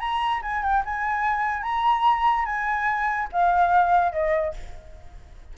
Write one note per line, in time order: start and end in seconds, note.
0.00 0.41 A#5
0.43 0.63 G#5
0.63 0.84 G5
0.86 1.63 G#5
1.63 2.46 A#5
2.46 3.29 G#5
3.33 4.13 F5
4.13 4.54 D#5